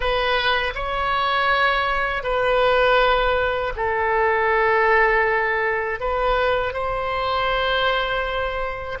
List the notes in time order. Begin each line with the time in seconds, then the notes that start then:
0.00 B4
0.75 C#5
2.23 B4
3.76 A4
6.00 B4
6.73 C5